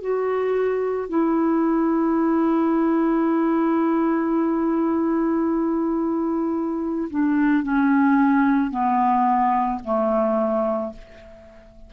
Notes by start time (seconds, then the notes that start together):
0.00 F#4
1.09 E4
7.10 D4
7.63 C#4
8.70 B3
9.83 A3